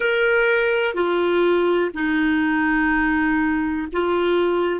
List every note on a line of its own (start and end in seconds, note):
0.00 0.94 A#4
0.94 1.91 F4
1.94 3.87 D#4
3.92 4.80 F4